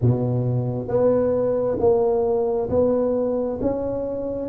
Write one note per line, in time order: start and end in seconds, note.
0.01 0.88 B2
0.88 1.77 B3
1.79 2.69 A#3
2.69 3.59 B3
3.61 4.49 C#4